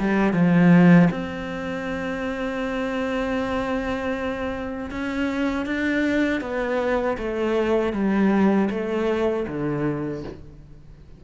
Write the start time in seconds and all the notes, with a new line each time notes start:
0.00 G3
0.33 F3
1.11 C4
4.91 C#4
5.66 D4
6.41 B3
7.18 A3
7.93 G3
8.71 A3
9.48 D3